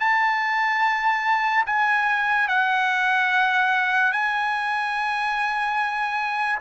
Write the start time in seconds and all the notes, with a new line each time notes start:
0.00 A5
1.67 G#5
2.48 F#5
4.12 G#5